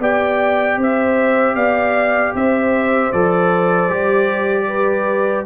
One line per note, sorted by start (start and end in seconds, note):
0.00 0.78 B3
0.00 3.13 G4
0.00 0.79 D5
0.00 0.81 G5
0.78 1.56 C4
0.78 1.56 C5
0.78 1.56 E5
1.56 2.34 B3
1.56 2.34 D5
1.56 2.34 F5
2.35 3.13 C4
2.35 4.68 C5
2.35 3.12 E5
3.12 3.90 F3
3.12 3.90 A4
3.12 5.46 D5
3.90 5.46 G3
3.90 5.46 G4
4.68 5.46 B4